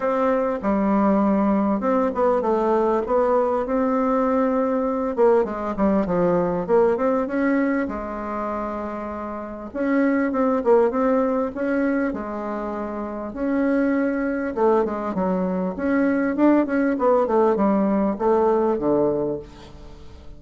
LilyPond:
\new Staff \with { instrumentName = "bassoon" } { \time 4/4 \tempo 4 = 99 c'4 g2 c'8 b8 | a4 b4 c'2~ | c'8 ais8 gis8 g8 f4 ais8 c'8 | cis'4 gis2. |
cis'4 c'8 ais8 c'4 cis'4 | gis2 cis'2 | a8 gis8 fis4 cis'4 d'8 cis'8 | b8 a8 g4 a4 d4 | }